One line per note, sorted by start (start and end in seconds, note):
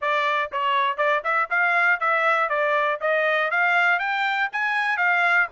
0.01 0.51 D5
0.51 0.97 C#5
0.97 1.22 D5
1.24 1.49 E5
1.50 2.00 F5
2.00 2.49 E5
2.49 2.99 D5
3.00 3.50 D#5
3.50 3.99 F5
3.99 4.49 G5
4.52 4.97 G#5
4.97 5.47 F5